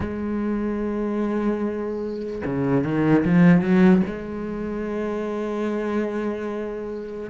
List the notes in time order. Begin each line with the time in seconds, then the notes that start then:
0.00 G#3
2.45 C#3
2.83 D#3
3.24 F3
3.61 F#3
4.06 G#3